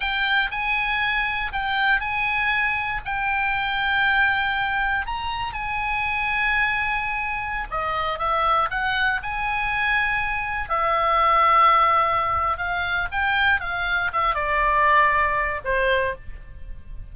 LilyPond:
\new Staff \with { instrumentName = "oboe" } { \time 4/4 \tempo 4 = 119 g''4 gis''2 g''4 | gis''2 g''2~ | g''2 ais''4 gis''4~ | gis''2.~ gis''16 dis''8.~ |
dis''16 e''4 fis''4 gis''4.~ gis''16~ | gis''4~ gis''16 e''2~ e''8.~ | e''4 f''4 g''4 f''4 | e''8 d''2~ d''8 c''4 | }